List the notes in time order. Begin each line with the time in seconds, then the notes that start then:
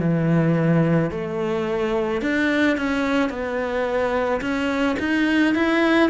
0.00 E3
1.11 A3
2.22 D4
2.77 C#4
3.30 B3
4.41 C#4
4.99 D#4
5.55 E4